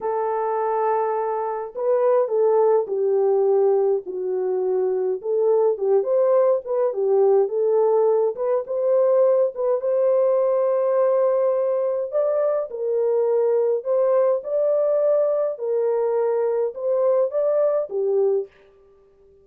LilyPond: \new Staff \with { instrumentName = "horn" } { \time 4/4 \tempo 4 = 104 a'2. b'4 | a'4 g'2 fis'4~ | fis'4 a'4 g'8 c''4 b'8 | g'4 a'4. b'8 c''4~ |
c''8 b'8 c''2.~ | c''4 d''4 ais'2 | c''4 d''2 ais'4~ | ais'4 c''4 d''4 g'4 | }